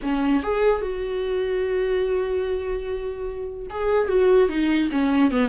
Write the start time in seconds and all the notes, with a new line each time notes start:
0.02 C#4
0.42 G#4
0.81 F#4
3.69 G#4
4.08 F#4
4.48 D#4
4.91 C#4
5.31 B3